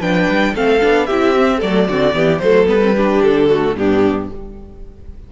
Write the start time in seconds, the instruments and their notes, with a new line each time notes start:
0.00 cello F3, viola D4, violin B4 G5
0.28 cello G3
0.55 cello A3, viola C4, violin A4 F5
0.81 cello B3, viola D4
1.07 cello C4, viola E4, violin G4 E5
1.37 viola C4
1.58 cello F#3, viola A3, violin A4 D5
1.89 cello D3, viola C4, violin F#4
2.13 cello E3, viola B3, violin G4
2.40 cello F#3, viola A3, violin A4 C5
2.66 cello G3, viola B3, violin B4
2.81 viola C4
2.97 viola D4, violin G4
3.22 cello D3, violin A4
3.49 viola A3, violin F#4
3.75 cello G2, viola B3, violin D4 G4